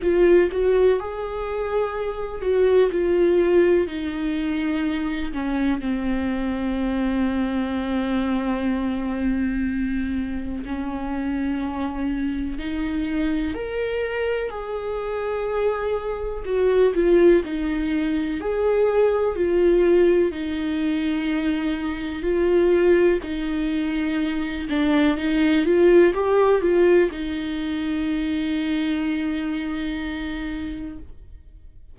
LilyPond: \new Staff \with { instrumentName = "viola" } { \time 4/4 \tempo 4 = 62 f'8 fis'8 gis'4. fis'8 f'4 | dis'4. cis'8 c'2~ | c'2. cis'4~ | cis'4 dis'4 ais'4 gis'4~ |
gis'4 fis'8 f'8 dis'4 gis'4 | f'4 dis'2 f'4 | dis'4. d'8 dis'8 f'8 g'8 f'8 | dis'1 | }